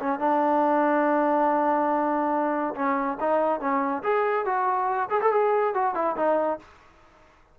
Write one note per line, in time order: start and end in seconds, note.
0.00 0.20 C#4
0.20 2.75 D4
2.75 3.18 C#4
3.20 3.60 D#4
3.60 4.03 C#4
4.03 4.45 G#4
4.45 5.09 F#4
5.10 5.21 G#4
5.21 5.32 A4
5.32 5.74 G#4
5.74 5.95 F#4
5.95 6.16 E4
6.17 6.59 D#4